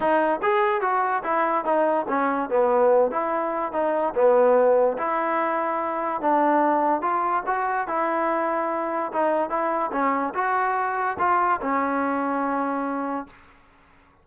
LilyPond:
\new Staff \with { instrumentName = "trombone" } { \time 4/4 \tempo 4 = 145 dis'4 gis'4 fis'4 e'4 | dis'4 cis'4 b4. e'8~ | e'4 dis'4 b2 | e'2. d'4~ |
d'4 f'4 fis'4 e'4~ | e'2 dis'4 e'4 | cis'4 fis'2 f'4 | cis'1 | }